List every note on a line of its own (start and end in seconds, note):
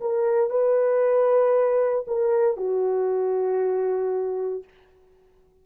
0.00 0.50 A#4
0.50 2.05 B4
2.07 2.57 A#4
2.57 4.64 F#4